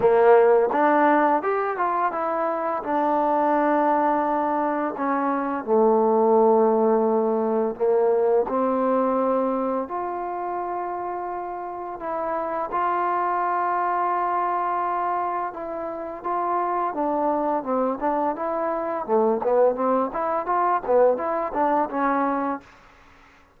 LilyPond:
\new Staff \with { instrumentName = "trombone" } { \time 4/4 \tempo 4 = 85 ais4 d'4 g'8 f'8 e'4 | d'2. cis'4 | a2. ais4 | c'2 f'2~ |
f'4 e'4 f'2~ | f'2 e'4 f'4 | d'4 c'8 d'8 e'4 a8 b8 | c'8 e'8 f'8 b8 e'8 d'8 cis'4 | }